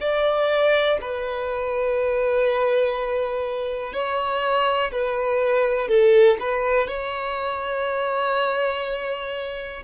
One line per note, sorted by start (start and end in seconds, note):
0.00 0.98 D5
1.01 3.93 B4
3.93 4.91 C#5
4.92 5.88 B4
5.88 6.37 A4
6.40 6.88 B4
6.88 9.83 C#5